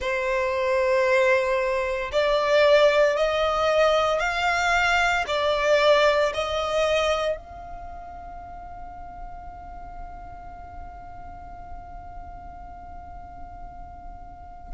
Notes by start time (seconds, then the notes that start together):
0.00 C5
2.11 D5
3.16 D#5
4.19 F5
5.27 D5
6.33 D#5
7.36 F5